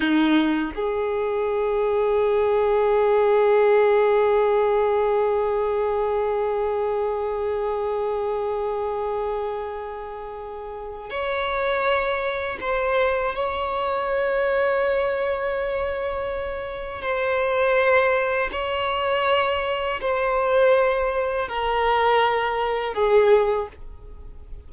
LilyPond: \new Staff \with { instrumentName = "violin" } { \time 4/4 \tempo 4 = 81 dis'4 gis'2.~ | gis'1~ | gis'1~ | gis'2. cis''4~ |
cis''4 c''4 cis''2~ | cis''2. c''4~ | c''4 cis''2 c''4~ | c''4 ais'2 gis'4 | }